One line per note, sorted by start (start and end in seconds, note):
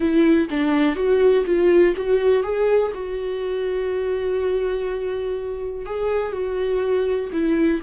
0.00 0.48 E4
0.50 0.95 D4
0.95 1.44 F#4
1.46 1.94 F4
1.96 2.43 F#4
2.43 2.92 G#4
2.94 5.85 F#4
5.85 6.32 G#4
6.32 7.29 F#4
7.32 7.80 E4